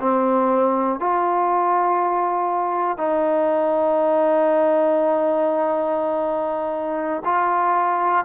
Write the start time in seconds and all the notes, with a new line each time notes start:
0.00 C4
0.99 F4
2.97 D#4
7.24 F4